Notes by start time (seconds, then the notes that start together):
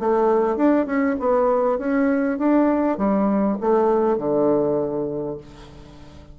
0.00 A3
0.57 D4
0.86 C#4
1.20 B3
1.79 C#4
2.39 D4
2.98 G3
3.61 A3
4.18 D3